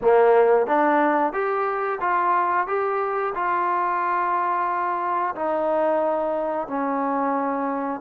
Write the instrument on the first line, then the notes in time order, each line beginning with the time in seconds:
trombone
0.01 A#3
0.66 D4
1.32 G4
2.00 F4
2.67 G4
3.35 F4
5.35 D#4
6.67 C#4